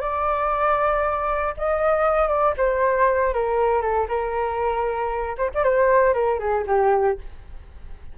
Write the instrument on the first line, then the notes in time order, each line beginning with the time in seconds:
flute
0.00 D5
1.57 D#5
2.28 D5
2.57 C5
3.33 A#4
3.81 A4
4.08 A#4
5.37 C5
5.54 D5
5.63 C5
6.13 A#4
6.39 G#4
6.66 G4